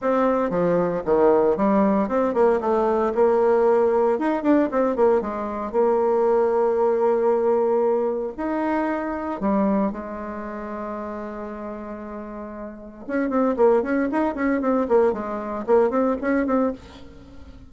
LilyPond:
\new Staff \with { instrumentName = "bassoon" } { \time 4/4 \tempo 4 = 115 c'4 f4 dis4 g4 | c'8 ais8 a4 ais2 | dis'8 d'8 c'8 ais8 gis4 ais4~ | ais1 |
dis'2 g4 gis4~ | gis1~ | gis4 cis'8 c'8 ais8 cis'8 dis'8 cis'8 | c'8 ais8 gis4 ais8 c'8 cis'8 c'8 | }